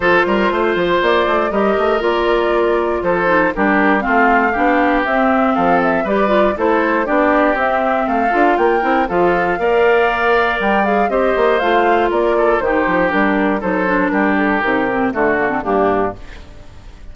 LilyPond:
<<
  \new Staff \with { instrumentName = "flute" } { \time 4/4 \tempo 4 = 119 c''2 d''4 dis''4 | d''2 c''4 ais'4 | f''2 e''4 f''8 e''8 | d''4 c''4 d''4 e''4 |
f''4 g''4 f''2~ | f''4 g''8 f''8 dis''4 f''4 | d''4 c''4 ais'4 c''4 | ais'8 a'8 ais'4 a'4 g'4 | }
  \new Staff \with { instrumentName = "oboe" } { \time 4/4 a'8 ais'8 c''2 ais'4~ | ais'2 a'4 g'4 | f'4 g'2 a'4 | b'4 a'4 g'2 |
a'4 ais'4 a'4 d''4~ | d''2 c''2 | ais'8 a'8 g'2 a'4 | g'2 fis'4 d'4 | }
  \new Staff \with { instrumentName = "clarinet" } { \time 4/4 f'2. g'4 | f'2~ f'8 dis'8 d'4 | c'4 d'4 c'2 | g'8 f'8 e'4 d'4 c'4~ |
c'8 f'4 e'8 f'4 ais'4~ | ais'4. gis'8 g'4 f'4~ | f'4 dis'4 d'4 dis'8 d'8~ | d'4 dis'8 c'8 a8 ais16 c'16 ais4 | }
  \new Staff \with { instrumentName = "bassoon" } { \time 4/4 f8 g8 a8 f8 ais8 a8 g8 a8 | ais2 f4 g4 | a4 b4 c'4 f4 | g4 a4 b4 c'4 |
a8 d'8 ais8 c'8 f4 ais4~ | ais4 g4 c'8 ais8 a4 | ais4 dis8 f8 g4 fis4 | g4 c4 d4 g,4 | }
>>